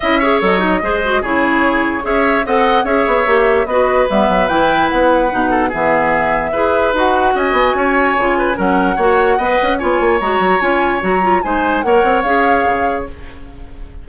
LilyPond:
<<
  \new Staff \with { instrumentName = "flute" } { \time 4/4 \tempo 4 = 147 e''4 dis''2 cis''4~ | cis''4 e''4 fis''4 e''4~ | e''4 dis''4 e''4 g''4 | fis''2 e''2~ |
e''4 fis''4 gis''2~ | gis''4 fis''2. | gis''4 ais''4 gis''4 ais''4 | gis''4 fis''4 f''2 | }
  \new Staff \with { instrumentName = "oboe" } { \time 4/4 dis''8 cis''4. c''4 gis'4~ | gis'4 cis''4 dis''4 cis''4~ | cis''4 b'2.~ | b'4. a'8 gis'2 |
b'2 dis''4 cis''4~ | cis''8 b'8 ais'4 cis''4 dis''4 | cis''1 | c''4 cis''2. | }
  \new Staff \with { instrumentName = "clarinet" } { \time 4/4 e'8 gis'8 a'8 dis'8 gis'8 fis'8 e'4~ | e'4 gis'4 a'4 gis'4 | g'4 fis'4 b4 e'4~ | e'4 dis'4 b2 |
gis'4 fis'2. | f'4 cis'4 fis'4 b'4 | f'4 fis'4 f'4 fis'8 f'8 | dis'4 ais'4 gis'2 | }
  \new Staff \with { instrumentName = "bassoon" } { \time 4/4 cis'4 fis4 gis4 cis4~ | cis4 cis'4 c'4 cis'8 b8 | ais4 b4 g8 fis8 e4 | b4 b,4 e2 |
e'4 dis'4 cis'8 b8 cis'4 | cis4 fis4 ais4 b8 cis'8 | b8 ais8 gis8 fis8 cis'4 fis4 | gis4 ais8 c'8 cis'4 cis4 | }
>>